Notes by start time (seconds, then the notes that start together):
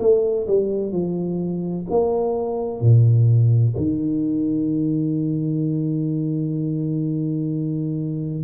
0.00 A3
0.47 G3
0.92 F3
1.90 A#3
2.81 A#2
3.77 D#3